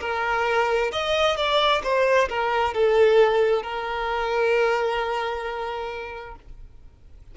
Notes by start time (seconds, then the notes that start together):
0.00 A#4
0.92 D#5
1.36 D5
1.83 C5
2.29 A#4
2.74 A4
3.62 A#4